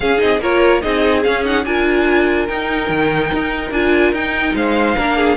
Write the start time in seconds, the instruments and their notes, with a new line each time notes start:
0.00 cello C#4, viola C#4, violin G#4 F5
0.17 cello C4, viola D#4, violin D#5
0.40 cello A#3, viola F4, violin A#4 C#5
0.81 cello C4, viola D#4, violin G#4 D#5
1.23 viola C#4, cello C#4, violin F5
1.44 viola D#4, violin F#5
1.65 cello D4, viola F4, violin A#4 G#5
2.46 viola D#4, cello D#4, violin G5
2.89 cello D#3
3.33 cello D#4
3.70 cello D4, viola F4, violin G#5
4.12 cello D#4, viola D#4, violin G5
4.54 cello G#3, violin C5 F5
4.96 cello A#3, viola D4, violin A#4
5.17 violin G#4